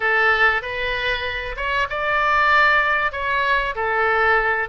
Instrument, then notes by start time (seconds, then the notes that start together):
oboe
0.00 A4
0.62 B4
1.56 C#5
1.89 D5
3.12 C#5
3.75 A4